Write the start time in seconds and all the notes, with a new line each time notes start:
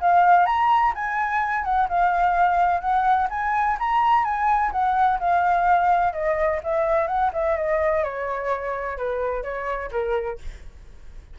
0.00 F5
0.46 A#5
0.95 G#5
1.64 F#5
1.89 F5
2.81 F#5
3.30 G#5
3.79 A#5
4.24 G#5
4.72 F#5
5.19 F5
6.13 D#5
6.64 E5
7.07 F#5
7.33 E5
7.57 D#5
8.04 C#5
8.97 B4
9.43 C#5
9.91 A#4